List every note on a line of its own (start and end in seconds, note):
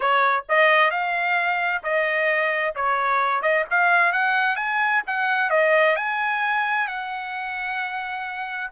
0.00 0.44 C#5
0.48 0.90 D#5
0.90 1.82 F5
1.83 2.74 D#5
2.75 3.41 C#5
3.41 3.64 D#5
3.70 4.12 F5
4.12 4.56 F#5
4.56 5.02 G#5
5.07 5.50 F#5
5.50 5.95 D#5
5.96 6.87 G#5
6.87 8.70 F#5